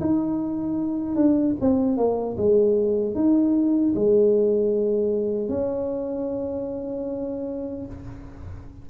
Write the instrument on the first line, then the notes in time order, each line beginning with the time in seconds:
tuba
0.00 D#4
1.15 D4
1.60 C4
1.97 A#3
2.37 G#3
3.15 D#4
3.95 G#3
5.49 C#4